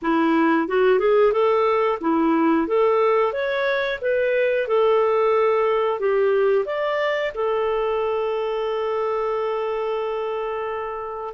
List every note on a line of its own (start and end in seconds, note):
0.02 0.68 E4
0.68 0.99 F#4
0.99 1.32 G#4
1.32 1.98 A4
2.01 2.67 E4
2.67 3.32 A4
3.32 3.99 C#5
4.01 4.67 B4
4.67 5.99 A4
5.99 6.65 G4
6.65 7.32 D5
7.34 11.33 A4